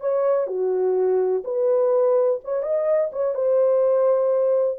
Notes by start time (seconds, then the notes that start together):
0.00 C#5
0.47 F#4
1.44 B4
2.44 C#5
2.62 D#5
3.12 C#5
3.34 C5